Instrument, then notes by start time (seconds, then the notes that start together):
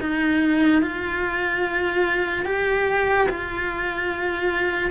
cello
0.00 D#4
0.82 F4
2.45 G4
3.29 F4